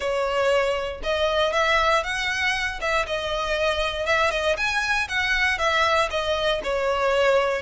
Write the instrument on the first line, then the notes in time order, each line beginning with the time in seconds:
violin
0.00 C#5
1.03 D#5
1.53 E5
2.03 F#5
2.80 E5
3.06 D#5
4.05 E5
4.30 D#5
4.57 G#5
5.08 F#5
5.58 E5
6.10 D#5
6.63 C#5